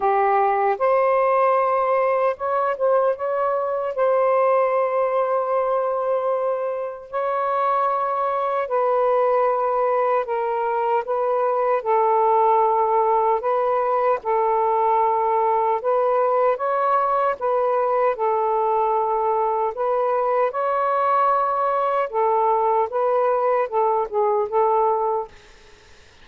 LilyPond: \new Staff \with { instrumentName = "saxophone" } { \time 4/4 \tempo 4 = 76 g'4 c''2 cis''8 c''8 | cis''4 c''2.~ | c''4 cis''2 b'4~ | b'4 ais'4 b'4 a'4~ |
a'4 b'4 a'2 | b'4 cis''4 b'4 a'4~ | a'4 b'4 cis''2 | a'4 b'4 a'8 gis'8 a'4 | }